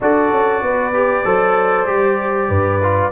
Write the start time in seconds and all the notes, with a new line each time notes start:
0.00 D4 F#4 A4 D5
0.31 C#4
0.61 B3 B4
0.93 G4
1.24 F#3 A4 C5
1.86 G3 G4
2.49 G2 B4
2.82 F4